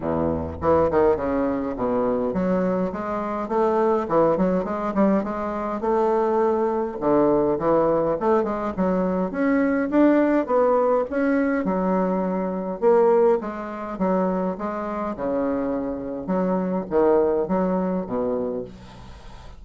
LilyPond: \new Staff \with { instrumentName = "bassoon" } { \time 4/4 \tempo 4 = 103 e,4 e8 dis8 cis4 b,4 | fis4 gis4 a4 e8 fis8 | gis8 g8 gis4 a2 | d4 e4 a8 gis8 fis4 |
cis'4 d'4 b4 cis'4 | fis2 ais4 gis4 | fis4 gis4 cis2 | fis4 dis4 fis4 b,4 | }